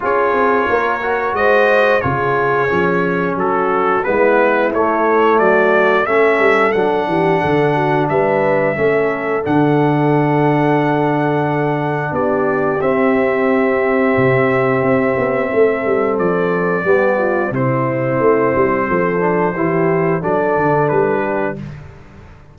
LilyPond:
<<
  \new Staff \with { instrumentName = "trumpet" } { \time 4/4 \tempo 4 = 89 cis''2 dis''4 cis''4~ | cis''4 a'4 b'4 cis''4 | d''4 e''4 fis''2 | e''2 fis''2~ |
fis''2 d''4 e''4~ | e''1 | d''2 c''2~ | c''2 d''4 b'4 | }
  \new Staff \with { instrumentName = "horn" } { \time 4/4 gis'4 ais'4 c''4 gis'4~ | gis'4 fis'4 e'2 | fis'4 a'4. g'8 a'8 fis'8 | b'4 a'2.~ |
a'2 g'2~ | g'2. a'4~ | a'4 g'8 f'8 e'2 | a'4 g'4 a'4. g'8 | }
  \new Staff \with { instrumentName = "trombone" } { \time 4/4 f'4. fis'4. f'4 | cis'2 b4 a4~ | a4 cis'4 d'2~ | d'4 cis'4 d'2~ |
d'2. c'4~ | c'1~ | c'4 b4 c'2~ | c'8 d'8 e'4 d'2 | }
  \new Staff \with { instrumentName = "tuba" } { \time 4/4 cis'8 c'8 ais4 gis4 cis4 | f4 fis4 gis4 a4 | fis4 a8 g8 fis8 e8 d4 | g4 a4 d2~ |
d2 b4 c'4~ | c'4 c4 c'8 b8 a8 g8 | f4 g4 c4 a8 g8 | f4 e4 fis8 d8 g4 | }
>>